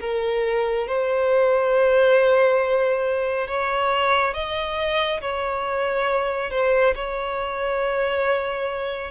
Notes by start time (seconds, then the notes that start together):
0.00 A#4
0.87 C5
3.47 C#5
4.34 D#5
5.21 C#5
6.51 C5
6.95 C#5